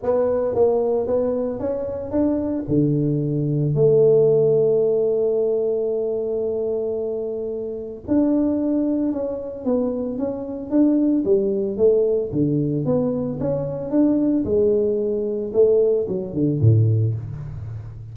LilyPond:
\new Staff \with { instrumentName = "tuba" } { \time 4/4 \tempo 4 = 112 b4 ais4 b4 cis'4 | d'4 d2 a4~ | a1~ | a2. d'4~ |
d'4 cis'4 b4 cis'4 | d'4 g4 a4 d4 | b4 cis'4 d'4 gis4~ | gis4 a4 fis8 d8 a,4 | }